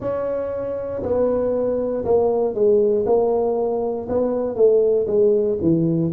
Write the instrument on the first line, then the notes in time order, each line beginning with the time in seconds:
tuba
0.00 C#4
1.02 B3
2.04 A#3
2.54 G#3
3.06 A#3
4.08 B3
4.55 A3
5.07 G#3
5.61 E3